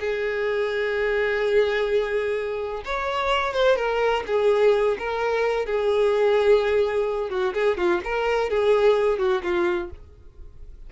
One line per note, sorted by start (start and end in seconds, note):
0.00 2.83 G#4
2.85 3.53 C#5
3.53 3.76 C5
3.76 4.23 A#4
4.27 4.98 G#4
4.99 5.66 A#4
5.66 7.30 G#4
7.30 7.53 F#4
7.54 7.77 G#4
7.77 8.01 F4
8.04 8.50 A#4
8.50 9.19 G#4
9.19 9.42 F#4
9.43 9.90 F4